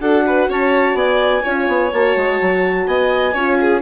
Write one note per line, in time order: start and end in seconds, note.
0.00 0.48 D4
0.00 1.43 F#4
0.00 0.25 A4
0.00 0.49 F#5
0.26 0.50 B4
0.49 0.94 C#4
0.49 0.96 C#5
0.49 0.97 A5
0.94 1.41 B3
0.94 1.43 D5
0.94 1.92 G#5
1.43 1.68 C#4
1.43 1.92 F4
1.43 2.86 C#5
1.68 1.92 B3
1.92 2.16 A#3
1.92 3.35 F#4
1.92 2.87 A5
2.16 2.40 G#3
2.41 2.87 F#3
2.87 3.34 B3
2.87 3.34 D#5
2.87 3.82 G#5
3.34 3.82 C#4
3.34 3.82 F4
3.34 3.58 C#5
3.61 3.82 G#4